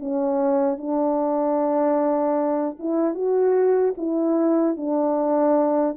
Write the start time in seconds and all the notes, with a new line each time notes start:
0.00 C#4
0.78 D4
2.80 E4
3.15 F#4
3.97 E4
4.77 D4